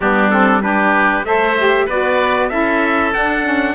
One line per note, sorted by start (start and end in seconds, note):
0.00 1.24 G3
0.00 0.31 B3
0.00 0.62 D4
0.00 0.30 G4
0.30 0.61 C4
0.30 0.61 A4
0.61 1.24 D4
0.61 1.26 G4
0.61 1.25 B4
1.24 1.86 A3
1.24 1.57 A4
1.24 1.85 C5
1.24 1.87 E5
1.57 1.89 G4
1.85 2.51 B3
1.85 2.50 F#4
1.85 2.48 B4
1.85 2.49 D5
2.49 3.13 C#4
2.49 3.12 E4
2.49 3.74 A4
2.49 3.11 E5
3.13 3.43 D4
3.13 3.75 D4
3.13 3.75 F#5
3.43 3.75 C#4